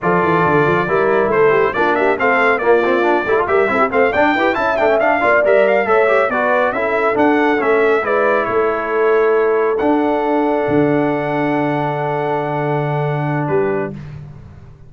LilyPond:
<<
  \new Staff \with { instrumentName = "trumpet" } { \time 4/4 \tempo 4 = 138 d''2. c''4 | d''8 e''8 f''4 d''2 | e''4 f''8 g''4 a''8 g''8 f''8~ | f''8 e''8 f''8 e''4 d''4 e''8~ |
e''8 fis''4 e''4 d''4 cis''8~ | cis''2~ cis''8 fis''4.~ | fis''1~ | fis''2. b'4 | }
  \new Staff \with { instrumentName = "horn" } { \time 4/4 a'2 ais'4 a'8 g'8 | f'8 g'8 a'4 f'4. g'16 a'16 | ais'8 a'16 g'16 c''8 d''8 b'8 e''4. | d''4. cis''4 b'4 a'8~ |
a'2~ a'8 b'4 a'8~ | a'1~ | a'1~ | a'2. g'4 | }
  \new Staff \with { instrumentName = "trombone" } { \time 4/4 f'2 e'2 | d'4 c'4 ais8 c'8 d'8 e'16 f'16 | g'8 e'8 c'8 d'8 g'8 e'8 d'16 cis'16 d'8 | f'8 ais'4 a'8 g'8 fis'4 e'8~ |
e'8 d'4 cis'4 e'4.~ | e'2~ e'8 d'4.~ | d'1~ | d'1 | }
  \new Staff \with { instrumentName = "tuba" } { \time 4/4 f8 e8 d8 f8 g4 a4 | ais4 a4 ais4. a8 | g8 c'8 a8 d'8 e'8 cis'8 a8 d'8 | ais8 g4 a4 b4 cis'8~ |
cis'8 d'4 a4 gis4 a8~ | a2~ a8 d'4.~ | d'8 d2.~ d8~ | d2. g4 | }
>>